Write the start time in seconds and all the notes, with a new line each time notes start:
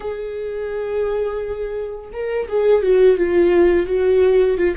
0.00 G#4
2.12 A#4
2.48 G#4
2.82 F#4
3.17 F4
3.86 F#4
4.57 F4